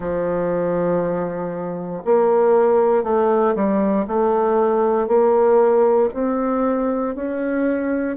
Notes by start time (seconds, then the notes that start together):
0.00 F3
2.04 A#3
3.03 A3
3.55 G3
4.07 A3
5.07 A#3
6.13 C4
7.15 C#4